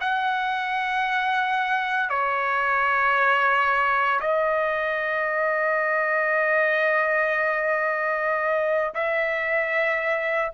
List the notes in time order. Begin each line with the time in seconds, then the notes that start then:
0.00 F#5
2.10 C#5
4.20 D#5
8.94 E5